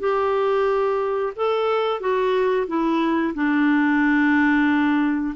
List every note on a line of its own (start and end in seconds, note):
0.00 1.33 G4
1.36 2.00 A4
2.00 2.67 F#4
2.67 3.34 E4
3.35 5.35 D4